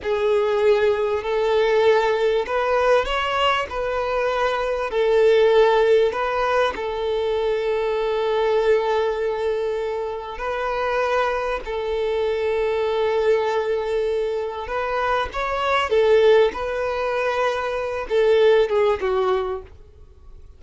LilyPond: \new Staff \with { instrumentName = "violin" } { \time 4/4 \tempo 4 = 98 gis'2 a'2 | b'4 cis''4 b'2 | a'2 b'4 a'4~ | a'1~ |
a'4 b'2 a'4~ | a'1 | b'4 cis''4 a'4 b'4~ | b'4. a'4 gis'8 fis'4 | }